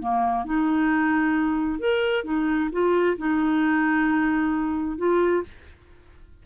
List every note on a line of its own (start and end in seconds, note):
0.00 0.45 A#3
0.45 1.80 D#4
1.80 2.25 A#4
2.25 2.70 D#4
2.73 3.18 F4
3.18 4.98 D#4
4.98 5.44 F4